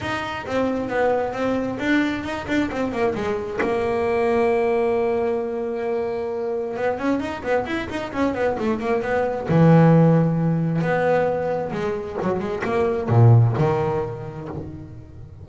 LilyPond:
\new Staff \with { instrumentName = "double bass" } { \time 4/4 \tempo 4 = 133 dis'4 c'4 b4 c'4 | d'4 dis'8 d'8 c'8 ais8 gis4 | ais1~ | ais2. b8 cis'8 |
dis'8 b8 e'8 dis'8 cis'8 b8 a8 ais8 | b4 e2. | b2 gis4 fis8 gis8 | ais4 ais,4 dis2 | }